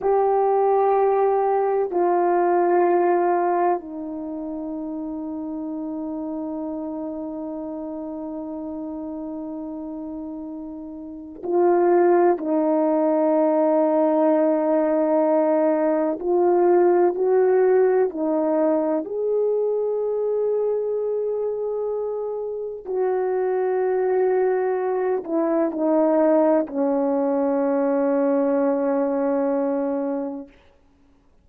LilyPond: \new Staff \with { instrumentName = "horn" } { \time 4/4 \tempo 4 = 63 g'2 f'2 | dis'1~ | dis'1 | f'4 dis'2.~ |
dis'4 f'4 fis'4 dis'4 | gis'1 | fis'2~ fis'8 e'8 dis'4 | cis'1 | }